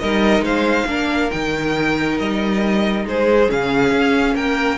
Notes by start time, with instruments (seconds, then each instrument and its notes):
0.00 cello G3, viola D#4, violin A#4 D#5
0.41 cello G#3, violin C5 F5
0.87 cello A#3, viola D4, violin A#4
1.31 cello D#3, viola D#4, violin G5
2.19 cello G3, violin D#5
3.06 cello G#3, violin G#4 C5
3.49 cello C#3, viola C#4, violin F5
3.92 cello C#4
4.35 cello A#3, violin A#4 G5